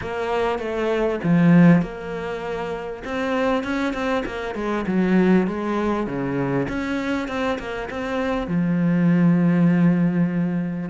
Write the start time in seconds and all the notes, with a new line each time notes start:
0.01 A#3
0.59 A3
1.23 F3
1.82 A#3
3.04 C4
3.63 C#4
3.93 C4
4.25 A#3
4.55 G#3
4.87 F#3
5.47 G#3
6.06 C#3
6.68 C#4
7.28 C4
7.58 A#3
7.90 C4
8.47 F3